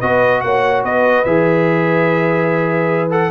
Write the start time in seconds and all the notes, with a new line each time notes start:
0.00 B3 F#4 B4 D#5
0.41 A#3 C#5 F#5
0.84 B3 B4 D#5
1.25 E3 G#4 E5
3.10 A4 F#5